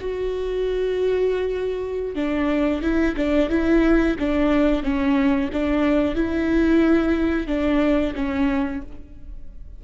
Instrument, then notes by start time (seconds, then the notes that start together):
viola
0.00 F#4
2.15 D4
2.82 E4
3.17 D4
3.50 E4
4.19 D4
4.83 C#4
5.53 D4
6.15 E4
7.47 D4
8.15 C#4